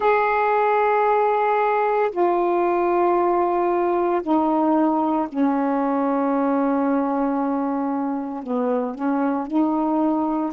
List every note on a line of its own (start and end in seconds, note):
0.00 2.11 G#4
2.11 4.21 F4
4.22 5.27 D#4
5.28 8.43 C#4
8.43 8.94 B3
8.94 9.47 C#4
9.47 10.52 D#4